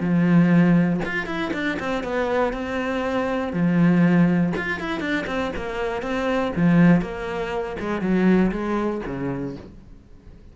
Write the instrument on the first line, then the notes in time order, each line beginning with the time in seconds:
cello
0.00 F3
1.05 F4
1.26 E4
1.53 D4
1.79 C4
2.03 B3
2.53 C4
3.53 F3
4.56 F4
4.80 E4
5.00 D4
5.27 C4
5.56 A#3
6.02 C4
6.56 F3
7.01 A#3
7.80 G#3
8.01 F#3
8.51 G#3
9.06 C#3